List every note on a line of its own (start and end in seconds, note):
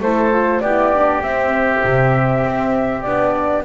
0.00 0.61 A3
0.00 0.31 E4
0.00 0.63 A4
0.00 0.60 C5
0.31 0.62 F4
0.60 1.22 B3
0.60 0.94 E4
0.60 3.64 G4
0.60 1.21 D5
0.94 1.22 D4
1.22 3.03 C4
1.22 1.83 C4
1.22 3.02 E5
1.84 2.44 C3
2.44 3.05 C4
3.02 3.64 B3
3.02 3.64 D4
3.02 3.62 D5